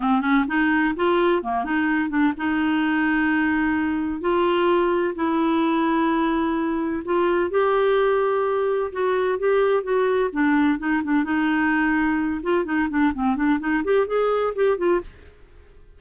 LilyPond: \new Staff \with { instrumentName = "clarinet" } { \time 4/4 \tempo 4 = 128 c'8 cis'8 dis'4 f'4 ais8 dis'8~ | dis'8 d'8 dis'2.~ | dis'4 f'2 e'4~ | e'2. f'4 |
g'2. fis'4 | g'4 fis'4 d'4 dis'8 d'8 | dis'2~ dis'8 f'8 dis'8 d'8 | c'8 d'8 dis'8 g'8 gis'4 g'8 f'8 | }